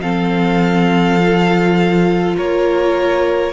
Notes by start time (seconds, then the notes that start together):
0.00 F3 C4 A4 F5
1.18 F4
2.36 A#3 A#4 C#5